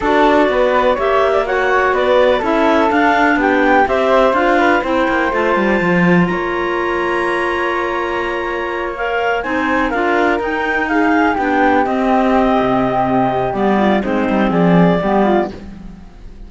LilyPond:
<<
  \new Staff \with { instrumentName = "clarinet" } { \time 4/4 \tempo 4 = 124 d''2 e''4 fis''4 | d''4 e''4 f''4 g''4 | e''4 f''4 g''4 a''4~ | a''4 ais''2.~ |
ais''2~ ais''8 f''4 gis''8~ | gis''8 f''4 g''4 f''4 g''8~ | g''8 dis''2.~ dis''8 | d''4 c''4 d''2 | }
  \new Staff \with { instrumentName = "flute" } { \time 4/4 a'4 b'4 cis''8. d''16 cis''4 | b'4 a'2 g'4 | c''4. b'8 c''2~ | c''4 cis''2.~ |
cis''2.~ cis''8 c''8~ | c''8 ais'2 gis'4 g'8~ | g'1~ | g'8 f'8 dis'4 gis'4 g'8 f'8 | }
  \new Staff \with { instrumentName = "clarinet" } { \time 4/4 fis'2 g'4 fis'4~ | fis'4 e'4 d'2 | g'4 f'4 e'4 f'4~ | f'1~ |
f'2~ f'8 ais'4 dis'8~ | dis'8 f'4 dis'2 d'8~ | d'8 c'2.~ c'8 | b4 c'2 b4 | }
  \new Staff \with { instrumentName = "cello" } { \time 4/4 d'4 b4 ais2 | b4 cis'4 d'4 b4 | c'4 d'4 c'8 ais8 a8 g8 | f4 ais2.~ |
ais2.~ ais8 c'8~ | c'8 d'4 dis'2 b8~ | b8 c'4. c2 | g4 gis8 g8 f4 g4 | }
>>